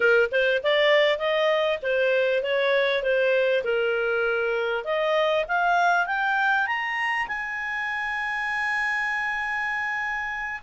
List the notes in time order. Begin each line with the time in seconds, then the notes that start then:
0.00 A#4
0.31 C5
0.63 D5
1.18 D#5
1.82 C5
2.42 C#5
3.02 C5
3.64 A#4
4.84 D#5
5.48 F5
6.06 G5
6.66 A#5
7.27 G#5